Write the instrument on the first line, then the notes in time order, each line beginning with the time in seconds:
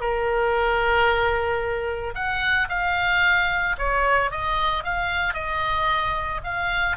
oboe
0.00 A#4
2.15 F#5
2.69 F5
3.78 C#5
4.31 D#5
4.84 F5
5.34 D#5
6.44 F5